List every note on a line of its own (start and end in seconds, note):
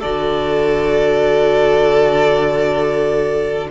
0.00 3.71 D3
0.00 3.71 F#4
0.00 3.68 A4
0.00 3.69 D5